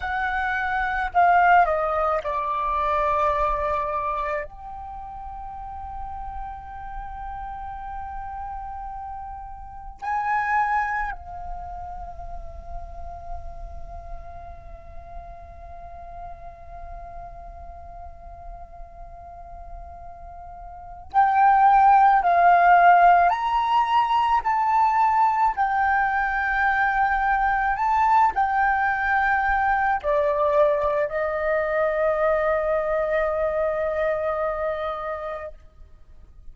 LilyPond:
\new Staff \with { instrumentName = "flute" } { \time 4/4 \tempo 4 = 54 fis''4 f''8 dis''8 d''2 | g''1~ | g''4 gis''4 f''2~ | f''1~ |
f''2. g''4 | f''4 ais''4 a''4 g''4~ | g''4 a''8 g''4. d''4 | dis''1 | }